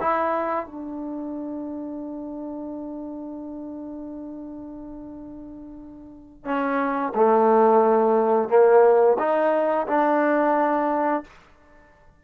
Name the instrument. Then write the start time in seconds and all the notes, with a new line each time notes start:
trombone
0.00 E4
0.65 D4
6.44 C#4
7.14 A3
8.49 A#3
9.18 D#4
9.87 D4